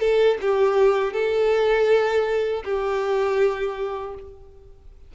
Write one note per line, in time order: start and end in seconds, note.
0.00 0.38 A4
0.41 1.13 G4
1.13 2.63 A4
2.65 4.15 G4